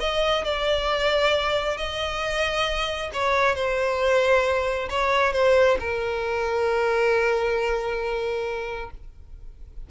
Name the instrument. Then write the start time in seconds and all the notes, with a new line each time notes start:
violin
0.00 D#5
0.44 D5
1.77 D#5
3.13 C#5
3.55 C5
4.89 C#5
5.33 C5
5.79 A#4